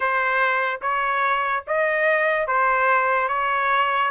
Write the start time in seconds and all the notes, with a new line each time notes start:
0.00 C5
0.81 C#5
1.67 D#5
2.47 C5
3.28 C#5